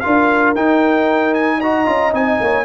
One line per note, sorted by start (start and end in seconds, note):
0.00 0.56 F4
0.00 1.57 A#4
0.00 0.53 F5
0.06 0.55 D4
0.55 1.87 D#4
0.55 1.61 D#4
0.55 1.34 G5
1.34 1.61 G#5
1.57 1.86 F#4
1.57 2.36 D#5
1.57 2.13 A#5
1.86 2.13 C#4
1.86 2.12 F4
2.12 2.40 C4
2.12 2.64 D#4
2.12 2.64 G#5
2.41 2.64 A#3
2.41 2.64 C#5